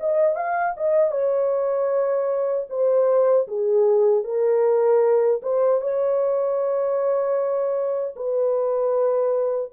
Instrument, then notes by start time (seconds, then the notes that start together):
horn
0.00 D#5
0.36 F5
0.77 D#5
1.11 C#5
2.70 C5
3.47 G#4
4.24 A#4
5.42 C5
5.81 C#5
8.16 B4